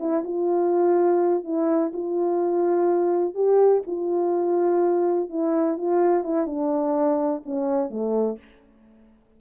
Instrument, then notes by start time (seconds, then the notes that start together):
horn
0.00 E4
0.25 F4
1.44 E4
1.94 F4
3.35 G4
3.87 F4
5.30 E4
5.78 F4
6.24 E4
6.47 D4
7.46 C#4
7.91 A3